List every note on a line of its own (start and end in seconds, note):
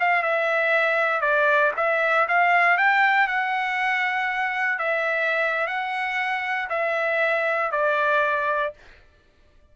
0.00 0.23 F5
0.23 1.21 E5
1.21 1.72 D5
1.77 2.27 E5
2.28 2.78 F5
2.78 3.28 G5
3.28 4.79 F#5
4.79 5.67 E5
5.67 6.69 F#5
6.70 7.71 E5
7.71 8.73 D5